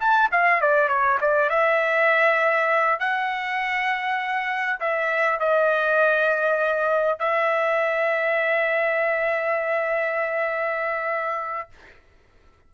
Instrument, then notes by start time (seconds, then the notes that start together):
trumpet
0.00 A5
0.32 F5
0.61 D5
0.88 C#5
1.21 D5
1.50 E5
2.99 F#5
4.80 E5
5.39 D#5
7.19 E5